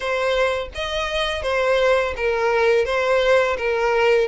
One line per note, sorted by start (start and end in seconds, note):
0.00 0.68 C5
0.74 1.42 D#5
1.42 2.14 C5
2.16 2.85 A#4
2.85 3.56 C5
3.57 4.28 A#4